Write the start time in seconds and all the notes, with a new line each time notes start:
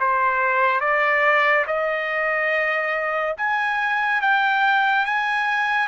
0.00 C5
0.80 D5
1.67 D#5
3.37 G#5
4.21 G5
5.06 G#5